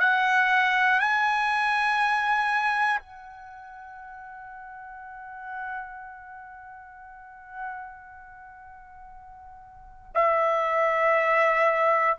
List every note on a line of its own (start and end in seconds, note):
0.00 1.00 F#5
1.00 3.00 G#5
3.00 10.12 F#5
10.15 12.18 E5